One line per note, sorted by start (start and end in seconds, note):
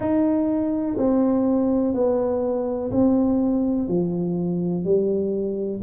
0.00 0.97 D#4
0.97 1.94 C4
1.94 2.90 B3
2.91 3.88 C4
3.88 4.84 F3
4.84 5.81 G3